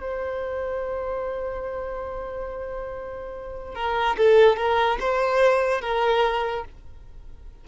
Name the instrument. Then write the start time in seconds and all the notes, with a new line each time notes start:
violin
0.00 C5
3.75 A#4
4.17 A4
4.56 A#4
5.00 C5
5.81 A#4